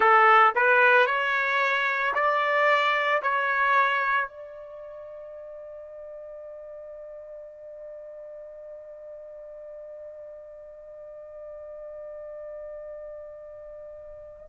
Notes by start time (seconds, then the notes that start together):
0.00 A4
0.55 B4
1.06 C#5
2.14 D5
3.22 C#5
4.28 D5